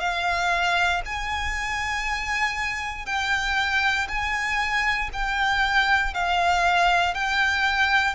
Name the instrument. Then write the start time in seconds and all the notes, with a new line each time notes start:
violin
0.00 F5
1.05 G#5
3.06 G5
4.08 G#5
5.13 G5
6.14 F5
7.14 G5